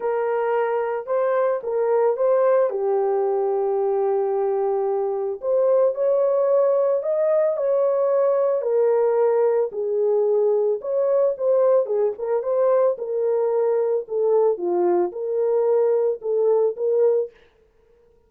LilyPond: \new Staff \with { instrumentName = "horn" } { \time 4/4 \tempo 4 = 111 ais'2 c''4 ais'4 | c''4 g'2.~ | g'2 c''4 cis''4~ | cis''4 dis''4 cis''2 |
ais'2 gis'2 | cis''4 c''4 gis'8 ais'8 c''4 | ais'2 a'4 f'4 | ais'2 a'4 ais'4 | }